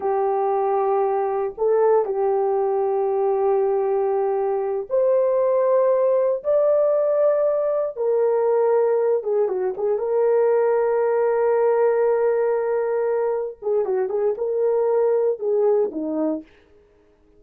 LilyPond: \new Staff \with { instrumentName = "horn" } { \time 4/4 \tempo 4 = 117 g'2. a'4 | g'1~ | g'4. c''2~ c''8~ | c''8 d''2. ais'8~ |
ais'2 gis'8 fis'8 gis'8 ais'8~ | ais'1~ | ais'2~ ais'8 gis'8 fis'8 gis'8 | ais'2 gis'4 dis'4 | }